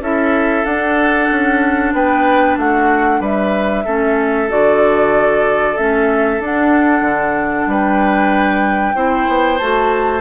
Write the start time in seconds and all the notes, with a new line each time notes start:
0.00 C#4 E4 A4 E5
0.65 D4 F#5
1.31 C#4
1.93 B3 B4 G5
2.57 A3 F#4 F#5
3.20 G3 B4 E5
3.85 A3 C#4 A4
4.49 D3 F#4 D5
5.77 A3 C#4 E5
6.39 D4 F#5
7.01 D3
7.67 G3 B4 G5
8.95 C4 E4 C5
9.28 B3
9.58 A3 F#4 A5